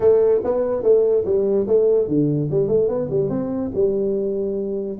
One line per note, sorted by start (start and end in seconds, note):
0.00 0.41 A3
0.43 0.83 B3
0.83 1.24 A3
1.25 1.66 G3
1.67 2.07 A3
2.07 2.49 D3
2.51 2.67 G3
2.67 2.88 A3
2.88 3.08 B3
3.10 3.29 G3
3.29 3.71 C4
3.74 4.98 G3